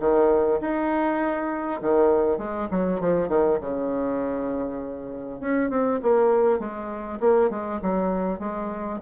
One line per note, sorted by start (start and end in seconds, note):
0.00 0.60 D#3
0.61 1.81 D#4
1.82 2.38 D#3
2.38 2.68 G#3
2.71 3.01 F#3
3.01 3.29 F3
3.29 3.59 D#3
3.61 5.41 C#3
5.41 5.70 C#4
5.70 6.00 C4
6.03 6.59 A#3
6.59 7.19 G#3
7.20 7.50 A#3
7.50 7.80 G#3
7.82 8.39 F#3
8.39 8.99 G#3